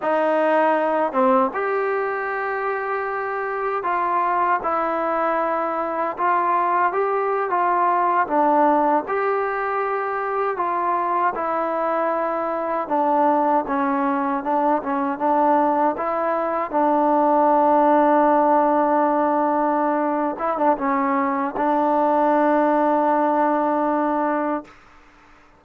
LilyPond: \new Staff \with { instrumentName = "trombone" } { \time 4/4 \tempo 4 = 78 dis'4. c'8 g'2~ | g'4 f'4 e'2 | f'4 g'8. f'4 d'4 g'16~ | g'4.~ g'16 f'4 e'4~ e'16~ |
e'8. d'4 cis'4 d'8 cis'8 d'16~ | d'8. e'4 d'2~ d'16~ | d'2~ d'8 e'16 d'16 cis'4 | d'1 | }